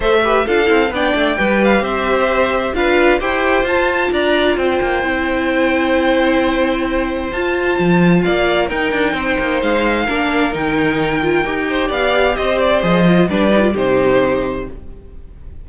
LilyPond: <<
  \new Staff \with { instrumentName = "violin" } { \time 4/4 \tempo 4 = 131 e''4 f''4 g''4. f''8 | e''2 f''4 g''4 | a''4 ais''4 g''2~ | g''1 |
a''2 f''4 g''4~ | g''4 f''2 g''4~ | g''2 f''4 dis''8 d''8 | dis''4 d''4 c''2 | }
  \new Staff \with { instrumentName = "violin" } { \time 4/4 c''8 b'8 a'4 d''4 b'4 | c''2 b'4 c''4~ | c''4 d''4 c''2~ | c''1~ |
c''2 d''4 ais'4 | c''2 ais'2~ | ais'4. c''8 d''4 c''4~ | c''4 b'4 g'2 | }
  \new Staff \with { instrumentName = "viola" } { \time 4/4 a'8 g'8 f'8 e'8 d'4 g'4~ | g'2 f'4 g'4 | f'2. e'4~ | e'1 |
f'2. dis'4~ | dis'2 d'4 dis'4~ | dis'8 f'8 g'2. | gis'8 f'8 d'8 dis'16 f'16 dis'2 | }
  \new Staff \with { instrumentName = "cello" } { \time 4/4 a4 d'8 c'8 b8 a8 g4 | c'2 d'4 e'4 | f'4 d'4 c'8 ais8 c'4~ | c'1 |
f'4 f4 ais4 dis'8 d'8 | c'8 ais8 gis4 ais4 dis4~ | dis4 dis'4 b4 c'4 | f4 g4 c2 | }
>>